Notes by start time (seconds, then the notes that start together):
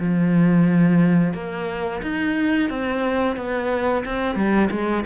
0.00 F3
1.34 A#3
2.03 D#4
2.70 C4
3.37 B3
4.05 C4
4.36 G3
4.71 G#3